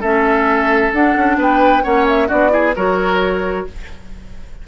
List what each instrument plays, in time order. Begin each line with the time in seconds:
0.00 bassoon A3, clarinet C#4, oboe A4, flute E5
0.93 bassoon D4, clarinet D4, flute F#5
1.16 bassoon C#4
1.37 bassoon B3, oboe B4, flute G5
1.83 bassoon A#3, clarinet C#4, oboe C#5, flute F#5
2.08 flute E5
2.28 bassoon B3, clarinet D4, oboe F#4, flute D5
2.49 clarinet E4, oboe G#4
2.75 bassoon F#3, clarinet F#4, oboe A#4, flute C#5